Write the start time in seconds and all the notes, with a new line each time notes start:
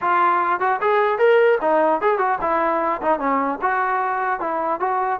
0.01 F4
0.60 F#4
0.81 G#4
1.18 A#4
1.61 D#4
2.01 G#4
2.18 F#4
2.41 E4
3.01 D#4
3.19 C#4
3.61 F#4
4.39 E4
4.80 F#4